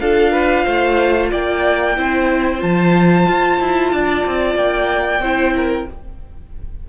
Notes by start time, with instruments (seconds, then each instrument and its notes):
0.00 cello D4, viola F4, violin A4 F5
0.32 violin B4
0.64 cello A3, violin C5
1.30 cello A#3, violin D5 G5
1.96 cello C4, viola E4, violin C5
2.58 cello F3, viola F4, violin A5
3.28 cello F4
3.60 cello E4
3.92 cello D4, violin D5
4.26 cello C4
4.55 cello A#3, violin G5
5.19 cello C4, viola E4, violin C5
5.56 violin A#4